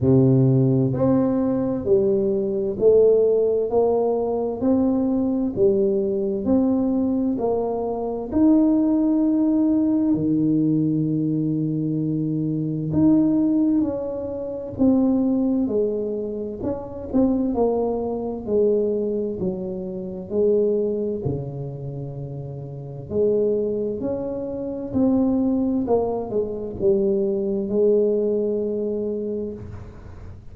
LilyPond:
\new Staff \with { instrumentName = "tuba" } { \time 4/4 \tempo 4 = 65 c4 c'4 g4 a4 | ais4 c'4 g4 c'4 | ais4 dis'2 dis4~ | dis2 dis'4 cis'4 |
c'4 gis4 cis'8 c'8 ais4 | gis4 fis4 gis4 cis4~ | cis4 gis4 cis'4 c'4 | ais8 gis8 g4 gis2 | }